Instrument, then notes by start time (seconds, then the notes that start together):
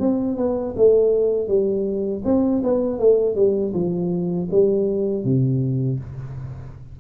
tuba
0.00 C4
0.37 B3
0.77 A3
1.48 G3
2.25 C4
2.64 B3
2.99 A3
3.35 G3
3.74 F3
4.51 G3
5.25 C3